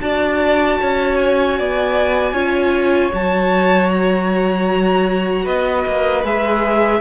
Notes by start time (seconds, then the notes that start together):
0.00 D4 F#4 D5 A5
0.81 C#4 C#5
1.16 G#5
1.58 B3 D5
2.32 C#4 F4 C#5
3.12 F#3 F#4 A5
3.90 A#5
5.43 B3 B4 D#5
5.87 A#3
6.23 G#3 G#4 E5